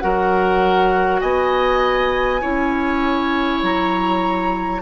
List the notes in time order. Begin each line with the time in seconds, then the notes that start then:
0.00 F#3 F#4 A#4 F#5
1.21 B3 D#5 G#5
2.41 C#4 E4 C#5
3.62 F#3 A#5